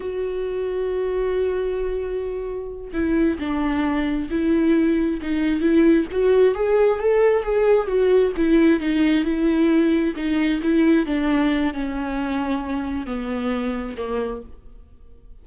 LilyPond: \new Staff \with { instrumentName = "viola" } { \time 4/4 \tempo 4 = 133 fis'1~ | fis'2~ fis'8 e'4 d'8~ | d'4. e'2 dis'8~ | dis'8 e'4 fis'4 gis'4 a'8~ |
a'8 gis'4 fis'4 e'4 dis'8~ | dis'8 e'2 dis'4 e'8~ | e'8 d'4. cis'2~ | cis'4 b2 ais4 | }